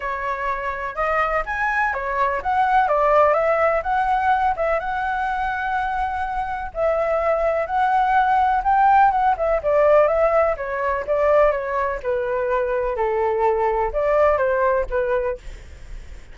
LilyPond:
\new Staff \with { instrumentName = "flute" } { \time 4/4 \tempo 4 = 125 cis''2 dis''4 gis''4 | cis''4 fis''4 d''4 e''4 | fis''4. e''8 fis''2~ | fis''2 e''2 |
fis''2 g''4 fis''8 e''8 | d''4 e''4 cis''4 d''4 | cis''4 b'2 a'4~ | a'4 d''4 c''4 b'4 | }